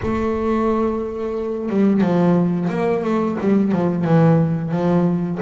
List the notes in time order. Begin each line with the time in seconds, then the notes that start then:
0.02 A3
1.69 G3
2.01 F3
2.69 A#3
3.03 A3
3.40 G3
3.72 F3
4.04 E3
4.71 F3